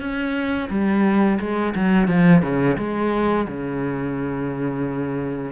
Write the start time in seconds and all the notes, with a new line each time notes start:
0.00 C#4
0.70 G3
1.39 G#3
1.75 F#3
2.08 F3
2.42 C#3
2.78 G#3
3.48 C#3